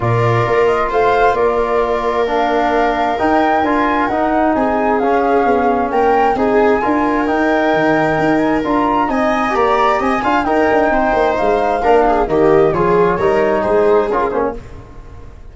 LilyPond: <<
  \new Staff \with { instrumentName = "flute" } { \time 4/4 \tempo 4 = 132 d''4. dis''8 f''4 d''4~ | d''4 f''2 g''4 | gis''4 fis''4 gis''4 f''4~ | f''4 g''4 gis''2 |
g''2~ g''8 gis''8 ais''4 | gis''4 ais''4 gis''4 g''4~ | g''4 f''2 dis''4 | cis''2 c''4 ais'8 c''16 cis''16 | }
  \new Staff \with { instrumentName = "viola" } { \time 4/4 ais'2 c''4 ais'4~ | ais'1~ | ais'2 gis'2~ | gis'4 ais'4 gis'4 ais'4~ |
ais'1 | dis''4 d''4 dis''8 f''8 ais'4 | c''2 ais'8 gis'8 g'4 | gis'4 ais'4 gis'2 | }
  \new Staff \with { instrumentName = "trombone" } { \time 4/4 f'1~ | f'4 d'2 dis'4 | f'4 dis'2 cis'4~ | cis'2 dis'4 f'4 |
dis'2. f'4 | dis'4 g'4. f'8 dis'4~ | dis'2 d'4 ais4 | f'4 dis'2 f'8 cis'8 | }
  \new Staff \with { instrumentName = "tuba" } { \time 4/4 ais,4 ais4 a4 ais4~ | ais2. dis'4 | d'4 dis'4 c'4 cis'4 | b4 ais4 c'4 d'4 |
dis'4 dis4 dis'4 d'4 | c'4 ais4 c'8 d'8 dis'8 d'8 | c'8 ais8 gis4 ais4 dis4 | f4 g4 gis4 cis'8 ais8 | }
>>